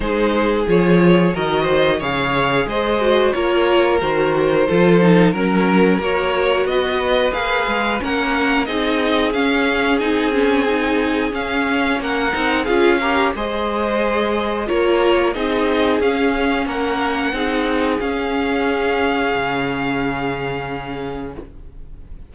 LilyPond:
<<
  \new Staff \with { instrumentName = "violin" } { \time 4/4 \tempo 4 = 90 c''4 cis''4 dis''4 f''4 | dis''4 cis''4 c''2 | ais'4 cis''4 dis''4 f''4 | fis''4 dis''4 f''4 gis''4~ |
gis''4 f''4 fis''4 f''4 | dis''2 cis''4 dis''4 | f''4 fis''2 f''4~ | f''1 | }
  \new Staff \with { instrumentName = "violin" } { \time 4/4 gis'2 ais'8 c''8 cis''4 | c''4 ais'2 a'4 | ais'2 b'2 | ais'4 gis'2.~ |
gis'2 ais'4 gis'8 ais'8 | c''2 ais'4 gis'4~ | gis'4 ais'4 gis'2~ | gis'1 | }
  \new Staff \with { instrumentName = "viola" } { \time 4/4 dis'4 f'4 fis'4 gis'4~ | gis'8 fis'8 f'4 fis'4 f'8 dis'8 | cis'4 fis'2 gis'4 | cis'4 dis'4 cis'4 dis'8 cis'8 |
dis'4 cis'4. dis'8 f'8 g'8 | gis'2 f'4 dis'4 | cis'2 dis'4 cis'4~ | cis'1 | }
  \new Staff \with { instrumentName = "cello" } { \time 4/4 gis4 f4 dis4 cis4 | gis4 ais4 dis4 f4 | fis4 ais4 b4 ais8 gis8 | ais4 c'4 cis'4 c'4~ |
c'4 cis'4 ais8 c'8 cis'4 | gis2 ais4 c'4 | cis'4 ais4 c'4 cis'4~ | cis'4 cis2. | }
>>